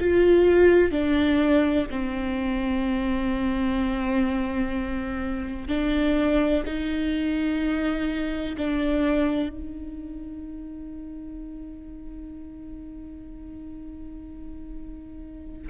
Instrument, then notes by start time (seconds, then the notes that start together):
viola
0.00 F4
0.91 D4
1.90 C4
5.68 D4
6.66 D#4
8.58 D4
9.49 D#4